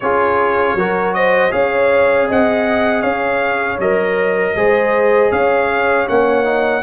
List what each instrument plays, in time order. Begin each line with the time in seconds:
0.00 tuba C#4, trombone F4, horn G#4, trumpet C#5
0.74 tuba F#3, trombone F#4, horn A#4
1.14 horn C5, trumpet D#5
1.50 tuba C#4, trombone G#4, horn C#5, trumpet F5
2.28 tuba C4, horn D#5, trumpet F#5
3.01 tuba C#4, horn C#5, trumpet F5
3.78 tuba F#3, trombone A#4, trumpet D#5
4.55 tuba G#3, trombone G#4, horn C5
5.31 tuba C#4, horn C#5, trumpet F5
6.07 tuba A#3, trombone C#4, trumpet F#5
6.44 trombone D#4